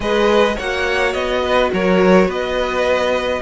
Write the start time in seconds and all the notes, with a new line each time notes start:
0.00 G#3 G#4 B4 D#5
0.55 A#3 F#4 C#5 F#5
1.13 B3 D#5
1.42 B4
1.73 F#3 A#4 C#5
2.26 B3 B4 D#5